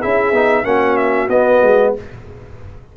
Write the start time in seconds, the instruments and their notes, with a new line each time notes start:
0.00 tuba C#4, trombone E4, horn G#4, trumpet E5
0.32 tuba B3, trombone D#4
0.64 tuba A#3, trombone C#4, horn F#4, trumpet F#5
0.96 trumpet E5
1.29 tuba B3, trombone B3, trumpet D#5
1.62 tuba G#3